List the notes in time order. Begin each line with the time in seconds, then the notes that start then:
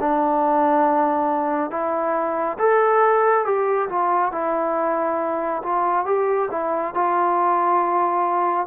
0.00 D4
1.70 E4
2.58 A4
3.45 G4
3.89 F4
4.32 E4
5.63 F4
6.06 G4
6.51 E4
6.94 F4